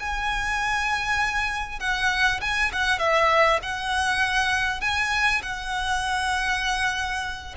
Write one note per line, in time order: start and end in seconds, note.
0.00 1.80 G#5
1.80 2.41 F#5
2.41 2.71 G#5
2.73 2.99 F#5
2.99 3.60 E5
3.63 4.81 F#5
4.81 5.42 G#5
5.43 7.55 F#5